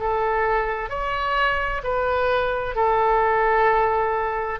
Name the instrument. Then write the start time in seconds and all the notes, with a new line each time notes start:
oboe
0.00 A4
0.90 C#5
1.83 B4
2.76 A4